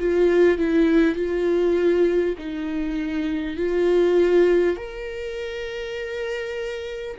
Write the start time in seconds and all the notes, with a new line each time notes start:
0.00 F4
0.58 E4
1.16 F4
2.38 D#4
3.57 F4
4.77 A#4